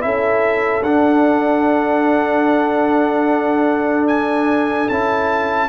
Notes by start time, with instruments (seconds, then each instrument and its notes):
0.00 tuba C#4, trombone E4, horn A4, trumpet E5
0.83 tuba D4, trombone D4, trumpet F#5
4.07 trumpet G#5
4.89 tuba C#4, trombone E4, trumpet A5